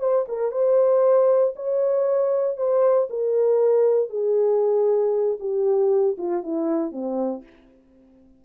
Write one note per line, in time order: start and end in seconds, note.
0.00 0.26 C5
0.28 0.52 A#4
0.52 1.55 C5
1.56 2.57 C#5
2.57 3.08 C5
3.10 4.10 A#4
4.10 5.38 G#4
5.40 6.17 G4
6.18 6.43 F4
6.43 6.92 E4
6.92 7.43 C4